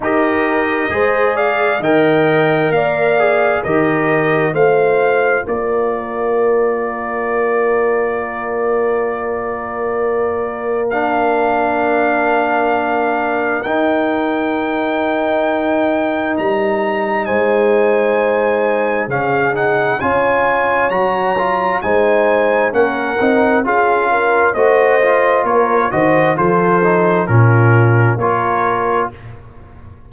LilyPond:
<<
  \new Staff \with { instrumentName = "trumpet" } { \time 4/4 \tempo 4 = 66 dis''4. f''8 g''4 f''4 | dis''4 f''4 d''2~ | d''1 | f''2. g''4~ |
g''2 ais''4 gis''4~ | gis''4 f''8 fis''8 gis''4 ais''4 | gis''4 fis''4 f''4 dis''4 | cis''8 dis''8 c''4 ais'4 cis''4 | }
  \new Staff \with { instrumentName = "horn" } { \time 4/4 ais'4 c''8 d''8 dis''4 d''4 | ais'4 c''4 ais'2~ | ais'1~ | ais'1~ |
ais'2. c''4~ | c''4 gis'4 cis''2 | c''4 ais'4 gis'8 ais'8 c''4 | ais'8 c''8 a'4 f'4 ais'4 | }
  \new Staff \with { instrumentName = "trombone" } { \time 4/4 g'4 gis'4 ais'4. gis'8 | g'4 f'2.~ | f'1 | d'2. dis'4~ |
dis'1~ | dis'4 cis'8 dis'8 f'4 fis'8 f'8 | dis'4 cis'8 dis'8 f'4 fis'8 f'8~ | f'8 fis'8 f'8 dis'8 cis'4 f'4 | }
  \new Staff \with { instrumentName = "tuba" } { \time 4/4 dis'4 gis4 dis4 ais4 | dis4 a4 ais2~ | ais1~ | ais2. dis'4~ |
dis'2 g4 gis4~ | gis4 cis4 cis'4 fis4 | gis4 ais8 c'8 cis'4 a4 | ais8 dis8 f4 ais,4 ais4 | }
>>